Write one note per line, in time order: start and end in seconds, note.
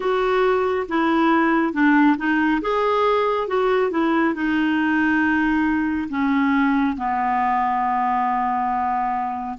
0.00 0.87 F#4
0.88 1.73 E4
1.73 2.16 D4
2.17 2.61 D#4
2.61 3.47 G#4
3.47 3.91 F#4
3.91 4.34 E4
4.34 6.08 D#4
6.09 6.96 C#4
6.96 9.57 B3